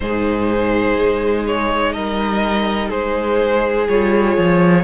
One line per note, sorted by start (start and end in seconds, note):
0.00 0.97 G#2
0.00 3.87 D#4
0.00 1.94 G#4
0.00 1.45 C5
0.98 1.95 G#3
1.47 1.93 C#5
1.93 2.91 G3
1.93 2.89 A#4
1.93 2.89 D#5
2.89 3.87 G#3
2.89 4.82 G#4
2.89 3.86 C5
3.88 4.37 G3
3.88 4.84 F4
3.88 4.84 C#5
4.37 4.84 F3